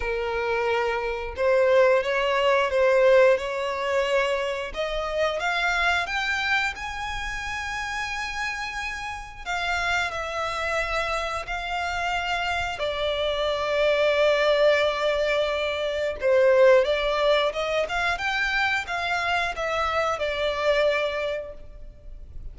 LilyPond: \new Staff \with { instrumentName = "violin" } { \time 4/4 \tempo 4 = 89 ais'2 c''4 cis''4 | c''4 cis''2 dis''4 | f''4 g''4 gis''2~ | gis''2 f''4 e''4~ |
e''4 f''2 d''4~ | d''1 | c''4 d''4 dis''8 f''8 g''4 | f''4 e''4 d''2 | }